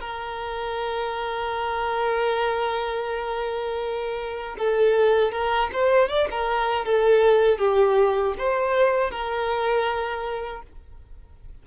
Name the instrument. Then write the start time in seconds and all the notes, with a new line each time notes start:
violin
0.00 A#4
4.58 A4
5.32 A#4
5.73 C5
6.09 D5
6.31 A#4
6.85 A4
7.58 G4
8.38 C5
9.11 A#4